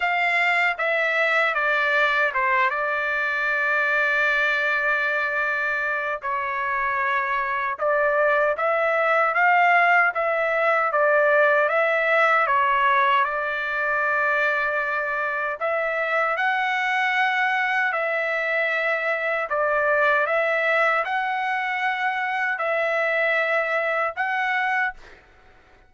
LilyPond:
\new Staff \with { instrumentName = "trumpet" } { \time 4/4 \tempo 4 = 77 f''4 e''4 d''4 c''8 d''8~ | d''1 | cis''2 d''4 e''4 | f''4 e''4 d''4 e''4 |
cis''4 d''2. | e''4 fis''2 e''4~ | e''4 d''4 e''4 fis''4~ | fis''4 e''2 fis''4 | }